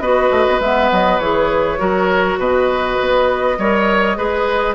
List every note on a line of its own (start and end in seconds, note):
0.00 0.30 B3
0.00 0.62 F#4
0.00 1.80 B4
0.00 0.60 D#5
0.31 0.46 A3
0.48 0.60 B3
0.60 0.90 G#3
0.60 1.22 B3
0.60 0.90 E5
0.92 1.19 F#3
0.92 1.19 D#5
1.19 1.79 E3
1.19 1.78 G#4
1.19 2.38 C#5
1.78 2.38 F#3
1.78 3.56 F#4
1.78 2.39 A#4
2.38 2.97 B2
2.38 3.58 B4
2.38 4.75 D#5
3.01 3.58 B3
3.58 4.17 G3
3.58 4.16 A#4
3.58 4.18 C#5
4.16 4.75 G#3
4.16 4.75 G#4
4.16 4.75 B4